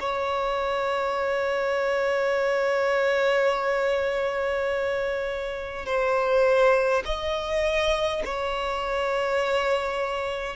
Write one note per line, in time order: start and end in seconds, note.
0.00 5.86 C#5
5.86 7.03 C5
7.05 8.23 D#5
8.25 10.56 C#5